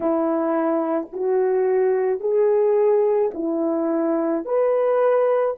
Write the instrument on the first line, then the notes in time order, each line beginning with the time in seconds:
horn
0.00 E4
1.12 F#4
2.20 G#4
3.34 E4
4.44 B4